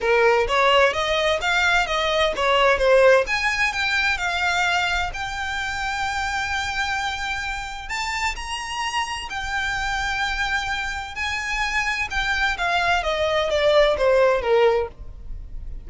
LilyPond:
\new Staff \with { instrumentName = "violin" } { \time 4/4 \tempo 4 = 129 ais'4 cis''4 dis''4 f''4 | dis''4 cis''4 c''4 gis''4 | g''4 f''2 g''4~ | g''1~ |
g''4 a''4 ais''2 | g''1 | gis''2 g''4 f''4 | dis''4 d''4 c''4 ais'4 | }